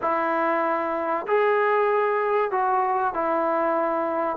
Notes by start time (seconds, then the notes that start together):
0.01 E4
1.27 G#4
2.51 F#4
3.14 E4